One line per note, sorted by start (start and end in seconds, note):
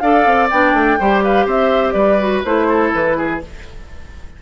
0.00 0.26 D4
0.00 0.51 A4
0.00 1.00 D5
0.00 0.48 F5
0.26 0.50 C4
0.51 0.74 B3
0.51 1.00 D4
0.51 1.23 G5
0.74 0.98 A3
1.00 1.47 G3
1.00 2.20 G4
1.00 1.24 C5
1.24 1.46 B4
1.24 1.48 F5
1.46 1.95 C4
1.46 1.94 C5
1.46 1.92 E5
1.92 2.43 G3
1.92 2.67 B4
1.92 2.41 D5
2.20 2.44 F#4
2.45 2.93 A3
2.45 3.42 E4
2.45 2.93 C5
2.69 3.18 A4
2.94 3.43 E3
2.94 3.42 B4
3.18 3.42 G#4